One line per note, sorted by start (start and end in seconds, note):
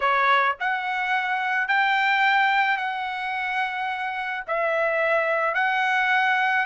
0.00 0.56 C#5
0.60 1.68 F#5
1.68 2.77 G5
2.77 4.43 F#5
4.47 5.54 E5
5.54 6.65 F#5